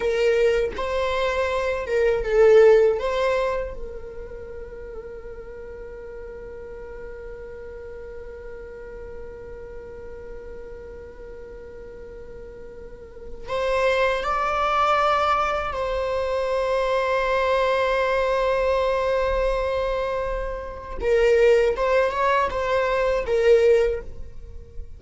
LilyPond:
\new Staff \with { instrumentName = "viola" } { \time 4/4 \tempo 4 = 80 ais'4 c''4. ais'8 a'4 | c''4 ais'2.~ | ais'1~ | ais'1~ |
ais'2 c''4 d''4~ | d''4 c''2.~ | c''1 | ais'4 c''8 cis''8 c''4 ais'4 | }